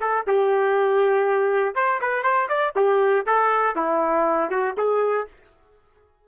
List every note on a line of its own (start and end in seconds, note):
0.00 0.25 A4
0.27 1.75 G4
1.75 2.00 C5
2.01 2.23 B4
2.23 2.48 C5
2.48 2.73 D5
2.75 3.25 G4
3.26 3.75 A4
3.75 4.50 E4
4.50 4.75 F#4
4.77 5.27 G#4